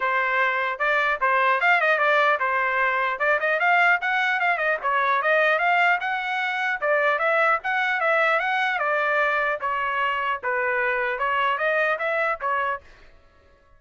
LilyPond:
\new Staff \with { instrumentName = "trumpet" } { \time 4/4 \tempo 4 = 150 c''2 d''4 c''4 | f''8 dis''8 d''4 c''2 | d''8 dis''8 f''4 fis''4 f''8 dis''8 | cis''4 dis''4 f''4 fis''4~ |
fis''4 d''4 e''4 fis''4 | e''4 fis''4 d''2 | cis''2 b'2 | cis''4 dis''4 e''4 cis''4 | }